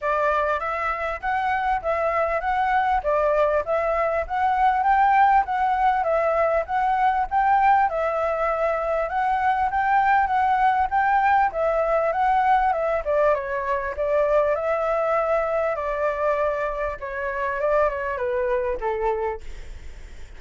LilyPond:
\new Staff \with { instrumentName = "flute" } { \time 4/4 \tempo 4 = 99 d''4 e''4 fis''4 e''4 | fis''4 d''4 e''4 fis''4 | g''4 fis''4 e''4 fis''4 | g''4 e''2 fis''4 |
g''4 fis''4 g''4 e''4 | fis''4 e''8 d''8 cis''4 d''4 | e''2 d''2 | cis''4 d''8 cis''8 b'4 a'4 | }